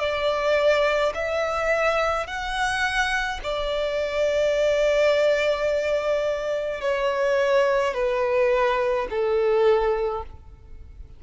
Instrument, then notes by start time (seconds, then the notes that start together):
violin
0.00 D5
1.15 E5
2.27 F#5
3.44 D5
6.81 C#5
7.95 B4
9.11 A4